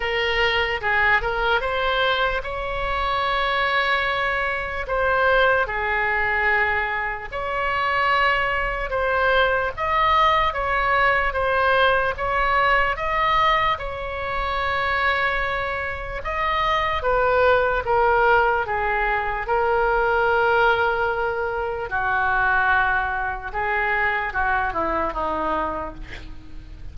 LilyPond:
\new Staff \with { instrumentName = "oboe" } { \time 4/4 \tempo 4 = 74 ais'4 gis'8 ais'8 c''4 cis''4~ | cis''2 c''4 gis'4~ | gis'4 cis''2 c''4 | dis''4 cis''4 c''4 cis''4 |
dis''4 cis''2. | dis''4 b'4 ais'4 gis'4 | ais'2. fis'4~ | fis'4 gis'4 fis'8 e'8 dis'4 | }